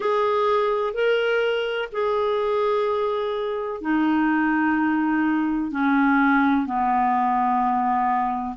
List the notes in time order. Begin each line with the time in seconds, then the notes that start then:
0.00 G#4
0.93 A#4
1.92 G#4
3.81 D#4
5.71 C#4
6.66 B3